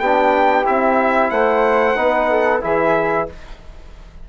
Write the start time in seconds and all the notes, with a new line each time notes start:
0.00 B3 D4 G4 G5
0.65 C4 E4 E5
1.31 A3 C5 F#5
1.96 B3 D#4 B4
2.30 A4
2.61 E3 E4 G#4 E5